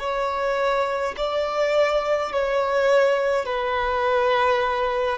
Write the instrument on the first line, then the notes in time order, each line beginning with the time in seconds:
violin
0.00 C#5
1.17 D5
2.32 C#5
3.46 B4